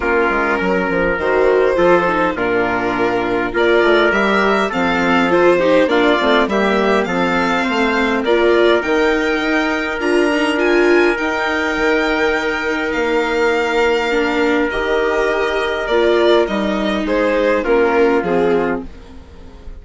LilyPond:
<<
  \new Staff \with { instrumentName = "violin" } { \time 4/4 \tempo 4 = 102 ais'2 c''2 | ais'2 d''4 e''4 | f''4 c''4 d''4 e''4 | f''2 d''4 g''4~ |
g''4 ais''4 gis''4 g''4~ | g''2 f''2~ | f''4 dis''2 d''4 | dis''4 c''4 ais'4 gis'4 | }
  \new Staff \with { instrumentName = "trumpet" } { \time 4/4 f'4 ais'2 a'4 | f'2 ais'2 | a'4. g'8 f'4 g'4 | a'4 c''4 ais'2~ |
ais'1~ | ais'1~ | ais'1~ | ais'4 gis'4 f'2 | }
  \new Staff \with { instrumentName = "viola" } { \time 4/4 cis'2 fis'4 f'8 dis'8 | d'2 f'4 g'4 | c'4 f'8 dis'8 d'8 c'8 ais4 | c'2 f'4 dis'4~ |
dis'4 f'8 dis'8 f'4 dis'4~ | dis'1 | d'4 g'2 f'4 | dis'2 cis'4 c'4 | }
  \new Staff \with { instrumentName = "bassoon" } { \time 4/4 ais8 gis8 fis8 f8 dis4 f4 | ais,2 ais8 a8 g4 | f2 ais8 a8 g4 | f4 a4 ais4 dis4 |
dis'4 d'2 dis'4 | dis2 ais2~ | ais4 dis2 ais4 | g4 gis4 ais4 f4 | }
>>